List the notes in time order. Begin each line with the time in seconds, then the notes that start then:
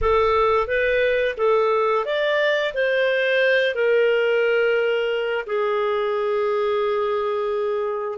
0.01 A4
0.67 B4
1.37 A4
2.05 D5
2.74 C5
3.74 A#4
5.46 G#4